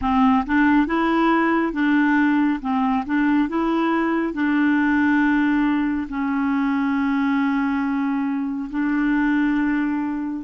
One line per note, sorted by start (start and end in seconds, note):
0.01 0.44 C4
0.46 0.87 D4
0.87 1.72 E4
1.72 2.59 D4
2.61 3.04 C4
3.06 3.48 D4
3.48 4.33 E4
4.33 6.07 D4
6.08 8.69 C#4
8.70 10.43 D4